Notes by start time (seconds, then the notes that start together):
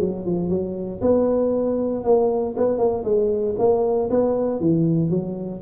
0.00 F#3
0.25 F3
0.49 F#3
1.01 B3
2.04 A#3
2.57 B3
2.78 A#3
3.04 G#3
3.58 A#3
4.10 B3
4.60 E3
5.10 F#3